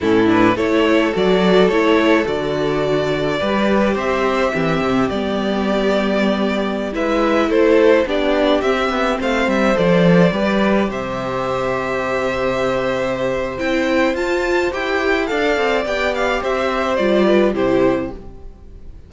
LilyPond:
<<
  \new Staff \with { instrumentName = "violin" } { \time 4/4 \tempo 4 = 106 a'8 b'8 cis''4 d''4 cis''4 | d''2. e''4~ | e''4 d''2.~ | d''16 e''4 c''4 d''4 e''8.~ |
e''16 f''8 e''8 d''2 e''8.~ | e''1 | g''4 a''4 g''4 f''4 | g''8 f''8 e''4 d''4 c''4 | }
  \new Staff \with { instrumentName = "violin" } { \time 4/4 e'4 a'2.~ | a'2 b'4 c''4 | g'1~ | g'16 b'4 a'4 g'4.~ g'16~ |
g'16 c''2 b'4 c''8.~ | c''1~ | c''2. d''4~ | d''4 c''4. b'8 g'4 | }
  \new Staff \with { instrumentName = "viola" } { \time 4/4 cis'8 d'8 e'4 fis'4 e'4 | fis'2 g'2 | c'4 b2.~ | b16 e'2 d'4 c'8.~ |
c'4~ c'16 a'4 g'4.~ g'16~ | g'1 | e'4 f'4 g'4 a'4 | g'2 f'4 e'4 | }
  \new Staff \with { instrumentName = "cello" } { \time 4/4 a,4 a4 fis4 a4 | d2 g4 c'4 | e8 c8 g2.~ | g16 gis4 a4 b4 c'8 b16~ |
b16 a8 g8 f4 g4 c8.~ | c1 | c'4 f'4 e'4 d'8 c'8 | b4 c'4 g4 c4 | }
>>